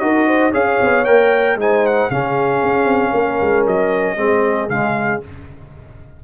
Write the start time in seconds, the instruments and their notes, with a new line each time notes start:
0.00 tuba D#4, trombone F#4, horn A#4, trumpet D#5
0.27 horn C5
0.52 tuba C#4, trombone G#4, horn C#5, trumpet F5
0.82 tuba B3
1.05 tuba A#3, trombone A#4, trumpet G5
1.56 tuba G#3, trombone D#4, horn C5, trumpet G#5
1.87 trumpet F#5
2.11 tuba C#3, trombone C#4, horn G#4, trumpet F5
2.63 tuba C#4
2.86 tuba C4
3.12 tuba A#3, horn A#4
3.42 tuba G#3
3.67 tuba F#3, trumpet D#5
4.17 tuba G#3, trombone C4, horn G#4
4.69 tuba C#3, trombone G#3, trumpet F5